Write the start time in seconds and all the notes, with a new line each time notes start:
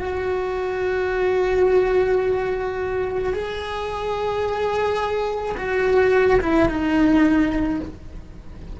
0.00 F#4
3.33 G#4
5.57 F#4
6.40 E4
6.69 D#4